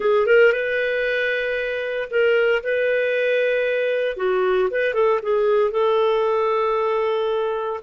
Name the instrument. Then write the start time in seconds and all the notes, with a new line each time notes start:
clarinet
0.00 G#4
0.26 A#4
0.52 B4
2.10 A#4
2.63 B4
4.16 F#4
4.70 B4
4.94 A4
5.22 G#4
5.71 A4